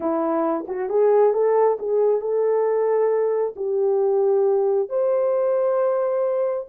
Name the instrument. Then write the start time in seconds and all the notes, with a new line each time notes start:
horn
0.00 E4
0.67 F#4
0.89 G#4
1.33 A4
1.79 G#4
2.21 A4
3.56 G4
4.89 C5